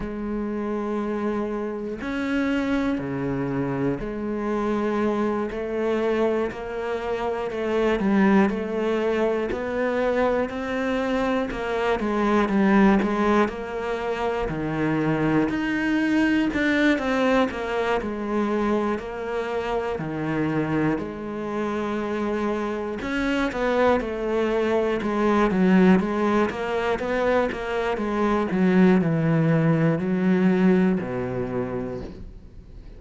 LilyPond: \new Staff \with { instrumentName = "cello" } { \time 4/4 \tempo 4 = 60 gis2 cis'4 cis4 | gis4. a4 ais4 a8 | g8 a4 b4 c'4 ais8 | gis8 g8 gis8 ais4 dis4 dis'8~ |
dis'8 d'8 c'8 ais8 gis4 ais4 | dis4 gis2 cis'8 b8 | a4 gis8 fis8 gis8 ais8 b8 ais8 | gis8 fis8 e4 fis4 b,4 | }